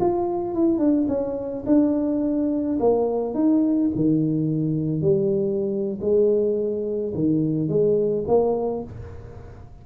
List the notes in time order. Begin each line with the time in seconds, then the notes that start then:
0.00 F4
0.54 E4
0.78 D4
1.08 C#4
1.66 D4
2.79 A#3
3.34 D#4
3.95 D#3
5.01 G3
6.01 G#3
7.14 D#3
7.68 G#3
8.27 A#3